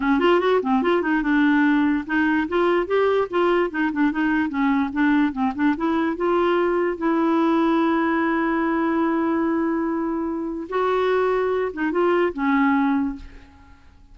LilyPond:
\new Staff \with { instrumentName = "clarinet" } { \time 4/4 \tempo 4 = 146 cis'8 f'8 fis'8 c'8 f'8 dis'8 d'4~ | d'4 dis'4 f'4 g'4 | f'4 dis'8 d'8 dis'4 cis'4 | d'4 c'8 d'8 e'4 f'4~ |
f'4 e'2.~ | e'1~ | e'2 fis'2~ | fis'8 dis'8 f'4 cis'2 | }